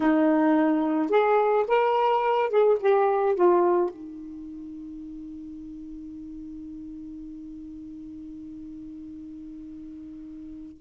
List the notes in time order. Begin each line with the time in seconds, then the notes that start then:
0.00 D#4
1.09 G#4
1.67 A#4
2.49 G#4
2.80 G4
3.35 F4
3.90 D#4